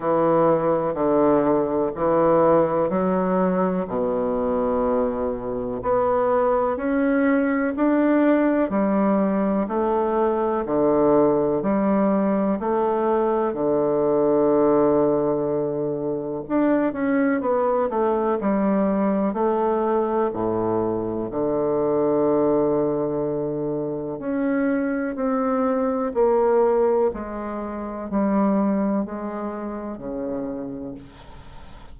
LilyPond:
\new Staff \with { instrumentName = "bassoon" } { \time 4/4 \tempo 4 = 62 e4 d4 e4 fis4 | b,2 b4 cis'4 | d'4 g4 a4 d4 | g4 a4 d2~ |
d4 d'8 cis'8 b8 a8 g4 | a4 a,4 d2~ | d4 cis'4 c'4 ais4 | gis4 g4 gis4 cis4 | }